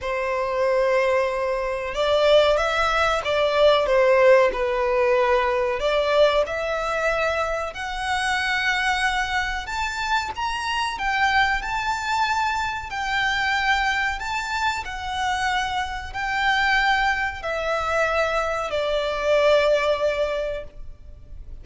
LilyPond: \new Staff \with { instrumentName = "violin" } { \time 4/4 \tempo 4 = 93 c''2. d''4 | e''4 d''4 c''4 b'4~ | b'4 d''4 e''2 | fis''2. a''4 |
ais''4 g''4 a''2 | g''2 a''4 fis''4~ | fis''4 g''2 e''4~ | e''4 d''2. | }